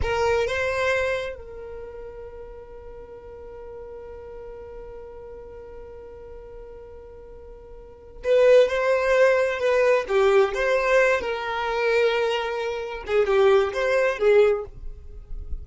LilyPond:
\new Staff \with { instrumentName = "violin" } { \time 4/4 \tempo 4 = 131 ais'4 c''2 ais'4~ | ais'1~ | ais'1~ | ais'1~ |
ais'2 b'4 c''4~ | c''4 b'4 g'4 c''4~ | c''8 ais'2.~ ais'8~ | ais'8 gis'8 g'4 c''4 gis'4 | }